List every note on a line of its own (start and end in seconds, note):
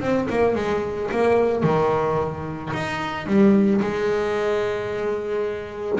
0.00 0.27 C4
0.29 0.55 A#3
0.55 1.10 G#3
1.11 1.63 A#3
1.63 2.72 D#3
2.73 3.26 D#4
3.26 3.81 G3
3.81 5.99 G#3